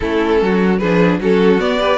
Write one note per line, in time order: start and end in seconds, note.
0.00 0.41 A3
0.00 0.81 C#4
0.00 0.41 E4
0.00 0.78 A4
0.41 0.81 F#3
0.41 0.79 F#4
0.78 1.19 F3
0.78 1.21 D4
0.78 1.19 G#4
0.78 1.18 B4
1.19 1.59 F#3
1.19 1.59 C#4
1.19 1.79 F#4
1.19 1.60 A4
1.59 1.79 B3
1.59 1.98 B3
1.59 1.98 D5
1.79 1.98 G4
1.79 1.98 B4